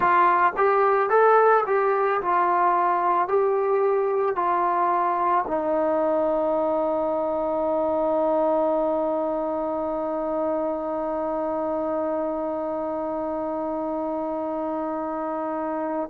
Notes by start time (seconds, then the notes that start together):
0.00 F4
0.57 G4
1.09 A4
1.66 G4
2.21 F4
3.27 G4
4.35 F4
5.47 D#4